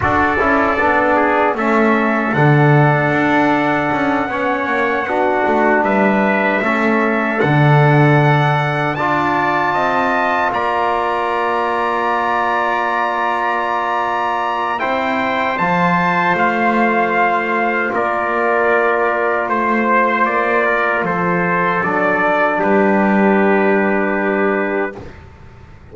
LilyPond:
<<
  \new Staff \with { instrumentName = "trumpet" } { \time 4/4 \tempo 4 = 77 d''2 e''4 fis''4~ | fis''2.~ fis''8 e''8~ | e''4. fis''2 a''8~ | a''4. ais''2~ ais''8~ |
ais''2. g''4 | a''4 f''2 d''4~ | d''4 c''4 d''4 c''4 | d''4 b'2. | }
  \new Staff \with { instrumentName = "trumpet" } { \time 4/4 a'4. gis'8 a'2~ | a'4. cis''4 fis'4 b'8~ | b'8 a'2. d''8~ | d''8 dis''4 d''2~ d''8~ |
d''2. c''4~ | c''2. ais'4~ | ais'4 c''4. ais'8 a'4~ | a'4 g'2. | }
  \new Staff \with { instrumentName = "trombone" } { \time 4/4 fis'8 e'8 d'4 cis'4 d'4~ | d'4. cis'4 d'4.~ | d'8 cis'4 d'2 f'8~ | f'1~ |
f'2. e'4 | f'1~ | f'1 | d'1 | }
  \new Staff \with { instrumentName = "double bass" } { \time 4/4 d'8 cis'8 b4 a4 d4 | d'4 cis'8 b8 ais8 b8 a8 g8~ | g8 a4 d2 d'8~ | d'8 c'4 ais2~ ais8~ |
ais2. c'4 | f4 a2 ais4~ | ais4 a4 ais4 f4 | fis4 g2. | }
>>